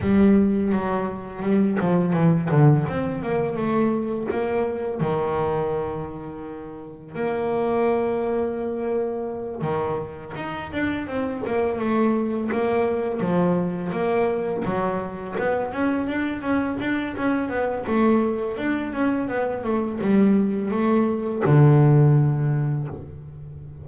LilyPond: \new Staff \with { instrumentName = "double bass" } { \time 4/4 \tempo 4 = 84 g4 fis4 g8 f8 e8 d8 | c'8 ais8 a4 ais4 dis4~ | dis2 ais2~ | ais4. dis4 dis'8 d'8 c'8 |
ais8 a4 ais4 f4 ais8~ | ais8 fis4 b8 cis'8 d'8 cis'8 d'8 | cis'8 b8 a4 d'8 cis'8 b8 a8 | g4 a4 d2 | }